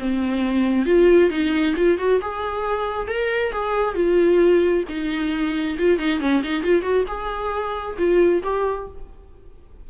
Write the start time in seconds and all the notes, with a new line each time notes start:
0.00 C4
0.86 F4
1.30 D#4
1.77 F4
1.99 F#4
2.22 G#4
3.08 A#4
3.52 G#4
3.95 F4
4.89 D#4
5.79 F4
5.99 D#4
6.20 C#4
6.44 D#4
6.64 F4
6.83 F#4
7.08 G#4
7.98 F4
8.44 G4